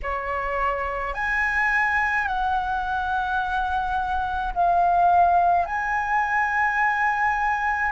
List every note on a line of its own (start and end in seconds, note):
0.02 1.14 C#5
1.14 2.27 G#5
2.27 4.53 F#5
4.53 5.65 F5
5.65 7.91 G#5